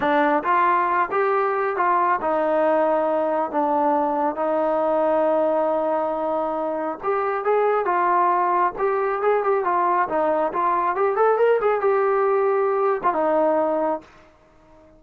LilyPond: \new Staff \with { instrumentName = "trombone" } { \time 4/4 \tempo 4 = 137 d'4 f'4. g'4. | f'4 dis'2. | d'2 dis'2~ | dis'1 |
g'4 gis'4 f'2 | g'4 gis'8 g'8 f'4 dis'4 | f'4 g'8 a'8 ais'8 gis'8 g'4~ | g'4.~ g'16 f'16 dis'2 | }